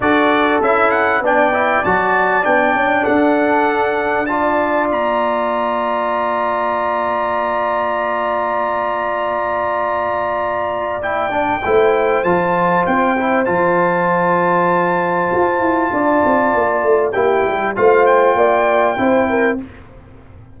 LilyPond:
<<
  \new Staff \with { instrumentName = "trumpet" } { \time 4/4 \tempo 4 = 98 d''4 e''8 fis''8 g''4 a''4 | g''4 fis''2 a''4 | ais''1~ | ais''1~ |
ais''2 g''2 | a''4 g''4 a''2~ | a''1 | g''4 f''8 g''2~ g''8 | }
  \new Staff \with { instrumentName = "horn" } { \time 4/4 a'2 d''2~ | d''4 a'2 d''4~ | d''1~ | d''1~ |
d''2. c''4~ | c''1~ | c''2 d''2 | g'4 c''4 d''4 c''8 ais'8 | }
  \new Staff \with { instrumentName = "trombone" } { \time 4/4 fis'4 e'4 d'8 e'8 fis'4 | d'2. f'4~ | f'1~ | f'1~ |
f'2 e'8 d'8 e'4 | f'4. e'8 f'2~ | f'1 | e'4 f'2 e'4 | }
  \new Staff \with { instrumentName = "tuba" } { \time 4/4 d'4 cis'4 b4 fis4 | b8 cis'8 d'2. | ais1~ | ais1~ |
ais2. a4 | f4 c'4 f2~ | f4 f'8 e'8 d'8 c'8 ais8 a8 | ais8 g8 a4 ais4 c'4 | }
>>